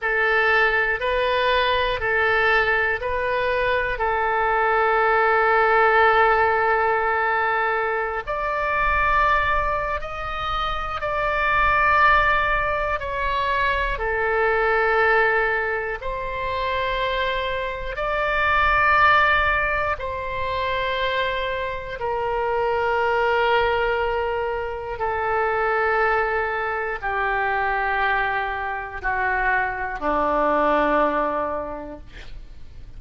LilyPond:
\new Staff \with { instrumentName = "oboe" } { \time 4/4 \tempo 4 = 60 a'4 b'4 a'4 b'4 | a'1~ | a'16 d''4.~ d''16 dis''4 d''4~ | d''4 cis''4 a'2 |
c''2 d''2 | c''2 ais'2~ | ais'4 a'2 g'4~ | g'4 fis'4 d'2 | }